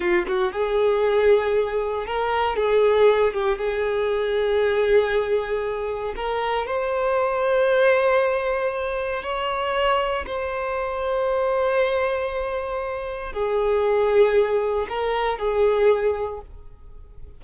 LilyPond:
\new Staff \with { instrumentName = "violin" } { \time 4/4 \tempo 4 = 117 f'8 fis'8 gis'2. | ais'4 gis'4. g'8 gis'4~ | gis'1 | ais'4 c''2.~ |
c''2 cis''2 | c''1~ | c''2 gis'2~ | gis'4 ais'4 gis'2 | }